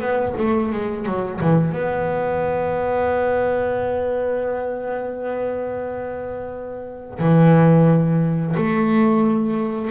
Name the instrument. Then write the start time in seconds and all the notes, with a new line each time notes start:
double bass
0.00 B3
0.38 A3
0.72 G#3
1.06 F#3
1.41 E3
1.73 B3
7.19 E3
8.57 A3